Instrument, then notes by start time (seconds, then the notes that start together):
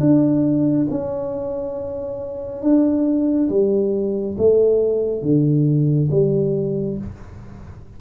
tuba
0.00 D4
0.90 C#4
2.62 D4
3.49 G3
4.37 A3
5.22 D3
6.11 G3